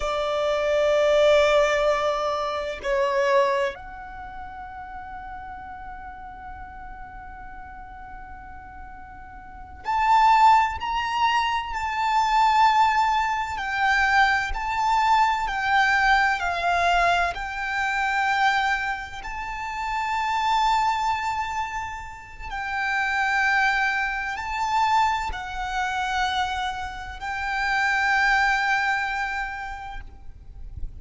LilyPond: \new Staff \with { instrumentName = "violin" } { \time 4/4 \tempo 4 = 64 d''2. cis''4 | fis''1~ | fis''2~ fis''8 a''4 ais''8~ | ais''8 a''2 g''4 a''8~ |
a''8 g''4 f''4 g''4.~ | g''8 a''2.~ a''8 | g''2 a''4 fis''4~ | fis''4 g''2. | }